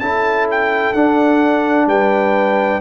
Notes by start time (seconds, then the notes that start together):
0.00 C#4 E4 A4 A5
0.51 G5
0.93 D4 F#5
1.87 G3 B4 G5